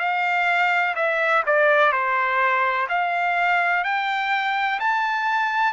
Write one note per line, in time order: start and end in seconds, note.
0.00 0.95 F5
0.96 1.43 E5
1.47 1.93 D5
1.93 2.88 C5
2.90 3.84 F5
3.84 4.80 G5
4.80 5.74 A5